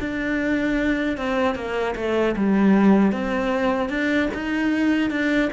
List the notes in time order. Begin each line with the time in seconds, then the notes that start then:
0.00 D4
1.17 C4
1.55 A#3
1.96 A3
2.36 G3
3.12 C4
3.89 D4
4.34 D#4
5.10 D4